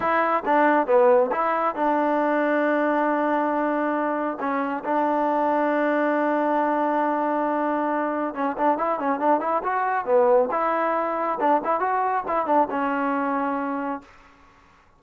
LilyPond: \new Staff \with { instrumentName = "trombone" } { \time 4/4 \tempo 4 = 137 e'4 d'4 b4 e'4 | d'1~ | d'2 cis'4 d'4~ | d'1~ |
d'2. cis'8 d'8 | e'8 cis'8 d'8 e'8 fis'4 b4 | e'2 d'8 e'8 fis'4 | e'8 d'8 cis'2. | }